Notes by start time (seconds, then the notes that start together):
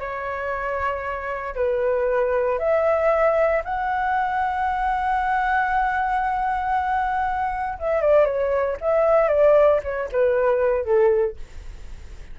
0.00 C#5
1.56 B4
2.59 E5
3.65 F#5
7.79 E5
8.01 D5
8.25 C#5
8.81 E5
9.29 D5
9.83 C#5
10.12 B4
10.85 A4